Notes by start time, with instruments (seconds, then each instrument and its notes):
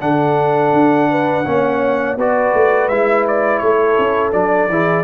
0.00 tuba D3, trombone D4, horn A4, trumpet F#5
0.73 tuba D4
1.11 horn B4
1.46 tuba A#3, trombone C#4, horn C#5
2.17 tuba B3, trombone F#4, horn B4, trumpet D5
2.54 tuba A3
2.88 tuba G#3, trombone E4, trumpet E5
3.27 trumpet D5
3.58 tuba A3, horn A4, trumpet C#5
3.98 tuba C#4
4.32 tuba F#3, trombone D4, trumpet D5
4.69 tuba E3, trombone E4, horn G#4